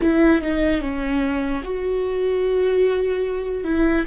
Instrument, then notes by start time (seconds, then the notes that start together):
viola
0.01 E4
0.41 D#4
0.81 C#4
1.63 F#4
3.64 E4